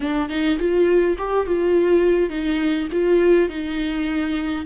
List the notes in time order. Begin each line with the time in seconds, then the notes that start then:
0.00 D4
0.29 D#4
0.58 F4
1.18 G4
1.46 F4
2.29 D#4
2.92 F4
3.49 D#4